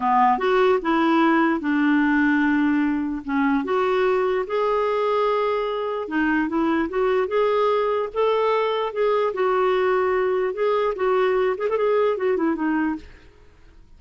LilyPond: \new Staff \with { instrumentName = "clarinet" } { \time 4/4 \tempo 4 = 148 b4 fis'4 e'2 | d'1 | cis'4 fis'2 gis'4~ | gis'2. dis'4 |
e'4 fis'4 gis'2 | a'2 gis'4 fis'4~ | fis'2 gis'4 fis'4~ | fis'8 gis'16 a'16 gis'4 fis'8 e'8 dis'4 | }